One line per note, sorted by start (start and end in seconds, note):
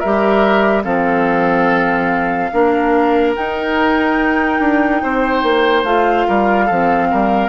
0.00 0.85 G3
0.00 0.85 G4
0.00 0.84 A#4
0.00 0.83 E5
0.85 2.52 F3
0.85 2.51 C4
0.85 2.51 A4
0.85 3.35 F5
2.53 3.36 A#3
2.53 3.36 D4
2.53 5.03 A#4
3.36 5.86 D#4
3.36 4.60 D#4
3.36 5.84 G5
4.60 5.02 D4
5.03 5.43 C4
5.03 6.28 C5
5.43 5.84 A#3
5.84 6.26 A3
5.84 6.69 F4
5.84 7.49 F5
6.28 6.71 G3
6.28 6.66 A#4
6.66 7.12 F3
6.66 7.08 A4
6.72 7.49 C4
7.11 7.49 G3
7.11 7.49 A#4